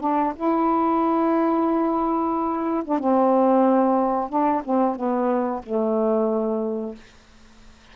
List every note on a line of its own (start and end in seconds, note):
0.00 0.33 D4
0.36 2.83 E4
2.84 2.99 D4
2.99 4.29 C4
4.29 4.62 D4
4.64 4.96 C4
4.96 5.62 B3
5.63 6.95 A3